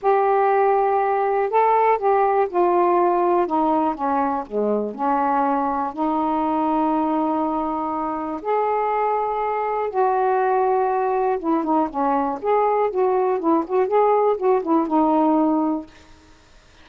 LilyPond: \new Staff \with { instrumentName = "saxophone" } { \time 4/4 \tempo 4 = 121 g'2. a'4 | g'4 f'2 dis'4 | cis'4 gis4 cis'2 | dis'1~ |
dis'4 gis'2. | fis'2. e'8 dis'8 | cis'4 gis'4 fis'4 e'8 fis'8 | gis'4 fis'8 e'8 dis'2 | }